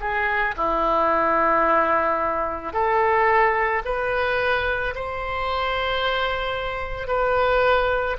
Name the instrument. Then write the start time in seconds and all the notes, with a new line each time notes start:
oboe
0.00 G#4
0.57 E4
2.73 A4
3.85 B4
4.95 C5
7.08 B4